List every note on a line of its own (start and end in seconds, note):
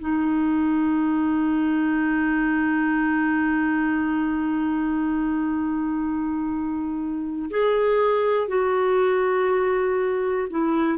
0.00 7.50 D#4
7.50 8.48 G#4
8.48 10.48 F#4
10.50 10.98 E4